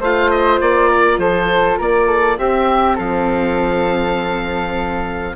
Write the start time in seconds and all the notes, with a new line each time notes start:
0.00 A3 F4 C5 F5
0.30 D#5
0.61 A#3 D5
0.89 A#4
1.18 F3 A4 C5
1.78 A#3 A#4 D5
2.07 A4
2.38 C4 G4 E5
2.95 F3 A4 F5